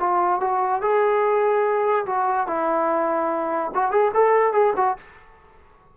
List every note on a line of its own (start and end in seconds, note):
0.00 0.41 F4
0.41 0.82 F#4
0.82 2.06 G#4
2.06 2.48 F#4
2.48 3.72 E4
3.75 3.91 F#4
3.91 4.12 G#4
4.14 4.53 A4
4.53 4.74 G#4
4.77 4.97 F#4